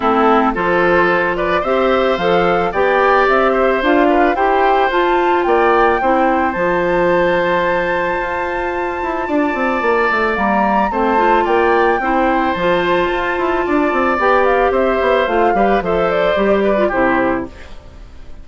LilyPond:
<<
  \new Staff \with { instrumentName = "flute" } { \time 4/4 \tempo 4 = 110 a'4 c''4. d''8 e''4 | f''4 g''4 e''4 f''4 | g''4 a''4 g''2 | a''1~ |
a''2. ais''4 | a''4 g''2 a''4~ | a''2 g''8 f''8 e''4 | f''4 e''8 d''4. c''4 | }
  \new Staff \with { instrumentName = "oboe" } { \time 4/4 e'4 a'4. b'8 c''4~ | c''4 d''4. c''4 b'8 | c''2 d''4 c''4~ | c''1~ |
c''4 d''2. | c''4 d''4 c''2~ | c''4 d''2 c''4~ | c''8 b'8 c''4. b'8 g'4 | }
  \new Staff \with { instrumentName = "clarinet" } { \time 4/4 c'4 f'2 g'4 | a'4 g'2 f'4 | g'4 f'2 e'4 | f'1~ |
f'2. ais4 | c'8 f'4. e'4 f'4~ | f'2 g'2 | f'8 g'8 a'4 g'8. f'16 e'4 | }
  \new Staff \with { instrumentName = "bassoon" } { \time 4/4 a4 f2 c'4 | f4 b4 c'4 d'4 | e'4 f'4 ais4 c'4 | f2. f'4~ |
f'8 e'8 d'8 c'8 ais8 a8 g4 | a4 ais4 c'4 f4 | f'8 e'8 d'8 c'8 b4 c'8 b8 | a8 g8 f4 g4 c4 | }
>>